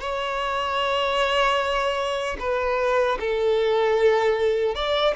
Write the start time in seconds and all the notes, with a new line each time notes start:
0.00 C#5
2.39 B4
3.19 A4
4.74 D5